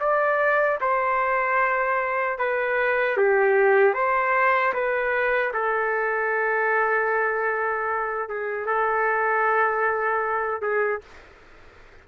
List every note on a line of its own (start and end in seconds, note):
0.00 0.79 D5
0.80 2.38 C5
2.38 3.17 B4
3.17 3.94 G4
3.94 4.73 C5
4.73 5.52 B4
5.53 8.29 A4
8.29 8.66 G#4
8.66 10.61 A4
10.61 11.01 G#4